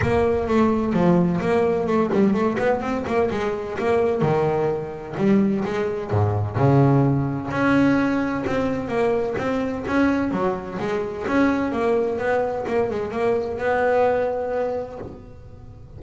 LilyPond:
\new Staff \with { instrumentName = "double bass" } { \time 4/4 \tempo 4 = 128 ais4 a4 f4 ais4 | a8 g8 a8 b8 c'8 ais8 gis4 | ais4 dis2 g4 | gis4 gis,4 cis2 |
cis'2 c'4 ais4 | c'4 cis'4 fis4 gis4 | cis'4 ais4 b4 ais8 gis8 | ais4 b2. | }